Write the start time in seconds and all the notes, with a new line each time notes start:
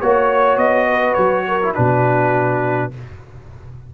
0.00 A#3 F#4 C#5
0.57 B3 D#5
0.87 B4
1.13 F#3 C#5
1.48 A#4
1.62 E4
1.74 B2 D4 F#4 B4